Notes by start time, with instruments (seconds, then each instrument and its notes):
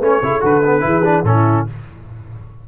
0.00 tuba A3, trombone C#4, horn B4, trumpet C#5
0.21 tuba C#3, trombone E4, horn A4
0.40 tuba D3, trombone F#4, trumpet B4
0.64 trombone B3
0.80 tuba E3, trombone E4, horn G#4
1.04 trombone D4
1.23 tuba A2, trombone C#4, horn E4, trumpet A4